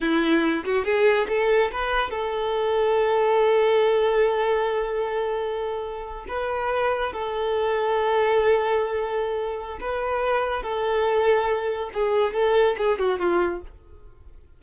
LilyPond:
\new Staff \with { instrumentName = "violin" } { \time 4/4 \tempo 4 = 141 e'4. fis'8 gis'4 a'4 | b'4 a'2.~ | a'1~ | a'2~ a'8. b'4~ b'16~ |
b'8. a'2.~ a'16~ | a'2. b'4~ | b'4 a'2. | gis'4 a'4 gis'8 fis'8 f'4 | }